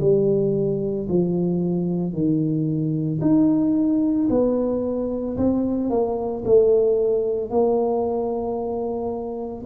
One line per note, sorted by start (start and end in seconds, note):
0.00 1.07 G3
1.09 2.12 F3
2.12 3.19 D#3
3.21 4.28 D#4
4.29 5.36 B3
5.37 5.90 C4
5.90 6.43 A#3
6.45 7.50 A3
7.50 9.64 A#3